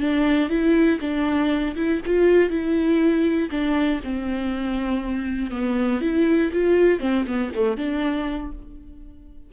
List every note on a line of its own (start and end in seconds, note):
0.00 0.49 D4
0.49 0.99 E4
1.00 1.75 D4
1.76 2.01 E4
2.05 2.50 F4
2.50 3.50 E4
3.50 4.00 D4
4.04 5.51 C4
5.51 6.01 B3
6.01 6.51 E4
6.52 7.00 F4
7.00 7.25 C4
7.27 7.52 B3
7.55 7.77 A3
7.77 8.52 D4